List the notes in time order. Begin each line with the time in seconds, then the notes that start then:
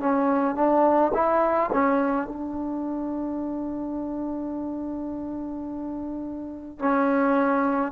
0.00 C#4
0.55 D4
1.14 E4
1.73 C#4
2.27 D4
6.79 C#4